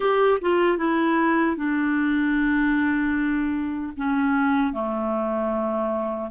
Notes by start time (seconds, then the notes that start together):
0.00 G4
0.41 F4
0.77 E4
1.56 D4
3.96 C#4
4.72 A3